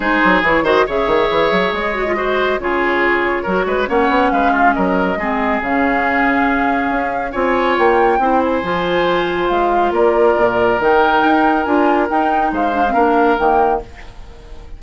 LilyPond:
<<
  \new Staff \with { instrumentName = "flute" } { \time 4/4 \tempo 4 = 139 c''4 cis''8 dis''8 e''2 | dis''2 cis''2~ | cis''4 fis''4 f''4 dis''4~ | dis''4 f''2.~ |
f''4 gis''4 g''4. gis''8~ | gis''2 f''4 d''4~ | d''4 g''2 gis''4 | g''4 f''2 g''4 | }
  \new Staff \with { instrumentName = "oboe" } { \time 4/4 gis'4. c''8 cis''2~ | cis''4 c''4 gis'2 | ais'8 b'8 cis''4 b'8 f'8 ais'4 | gis'1~ |
gis'4 cis''2 c''4~ | c''2. ais'4~ | ais'1~ | ais'4 c''4 ais'2 | }
  \new Staff \with { instrumentName = "clarinet" } { \time 4/4 dis'4 e'8 fis'8 gis'2~ | gis'8 fis'16 f'16 fis'4 f'2 | fis'4 cis'2. | c'4 cis'2.~ |
cis'4 f'2 e'4 | f'1~ | f'4 dis'2 f'4 | dis'4. d'16 c'16 d'4 ais4 | }
  \new Staff \with { instrumentName = "bassoon" } { \time 4/4 gis8 fis8 e8 dis8 cis8 dis8 e8 fis8 | gis2 cis2 | fis8 gis8 ais8 b8 gis4 fis4 | gis4 cis2. |
cis'4 c'4 ais4 c'4 | f2 gis4 ais4 | ais,4 dis4 dis'4 d'4 | dis'4 gis4 ais4 dis4 | }
>>